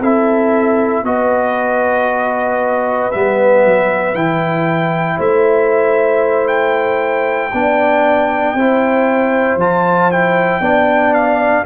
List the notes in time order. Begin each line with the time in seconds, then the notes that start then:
0.00 C4 E4 A4 E5
1.03 B3 F#4 B4 D#5
3.11 G3 B3 E5
3.65 F#3
4.14 E3 E4 G5
5.17 A3 C5 E5
6.47 G5
7.52 B3 D4 D5
8.54 C4 E4 C5
9.56 F3 F4 A5
10.11 E4 G5
10.60 B3 D4 D5
11.14 F5